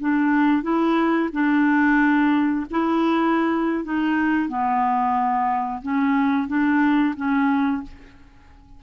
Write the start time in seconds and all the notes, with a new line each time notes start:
0.00 D4
0.63 E4
1.32 D4
2.71 E4
3.85 D#4
4.48 B3
5.82 C#4
6.48 D4
7.16 C#4